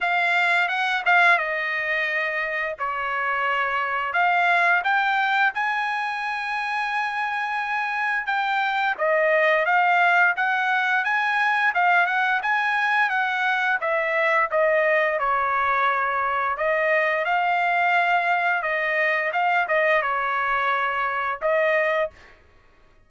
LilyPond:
\new Staff \with { instrumentName = "trumpet" } { \time 4/4 \tempo 4 = 87 f''4 fis''8 f''8 dis''2 | cis''2 f''4 g''4 | gis''1 | g''4 dis''4 f''4 fis''4 |
gis''4 f''8 fis''8 gis''4 fis''4 | e''4 dis''4 cis''2 | dis''4 f''2 dis''4 | f''8 dis''8 cis''2 dis''4 | }